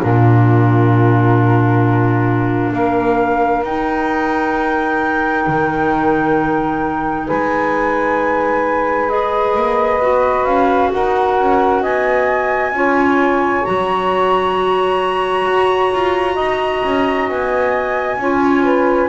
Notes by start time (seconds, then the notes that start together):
0.00 A#2 D4 F4 A#4
2.73 A#3 A#4 F5
3.63 D#4 G5
5.47 D#3
7.26 G#3 B4 G#5
9.09 G#4 D#5
9.56 A#3
9.99 B3 F#4
10.45 C#4 F5
10.92 D#4 A#4 F#5
11.39 C#4
11.81 B3 D#5 G#5
12.72 C#4 F4 C#5
13.64 F#3 F#4 A#5
15.45 F#4
15.93 F4
16.35 D#4 D#5
16.84 C#4
17.29 B3 G#5
18.17 C#4 F4 C#5
18.63 B4